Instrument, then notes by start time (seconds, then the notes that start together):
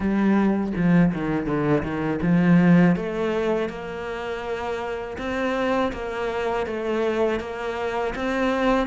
cello
0.00 G3
0.76 F3
1.13 D#3
1.45 D3
1.83 D#3
2.22 F3
2.96 A3
3.69 A#3
5.18 C4
5.92 A#3
6.66 A3
7.40 A#3
8.15 C4